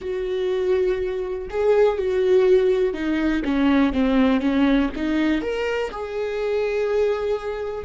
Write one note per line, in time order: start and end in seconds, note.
0.01 1.48 F#4
1.50 1.98 G#4
1.98 2.93 F#4
2.93 3.42 D#4
3.44 3.92 C#4
3.92 4.40 C4
4.40 4.89 C#4
4.95 5.41 D#4
5.41 5.90 A#4
5.91 7.84 G#4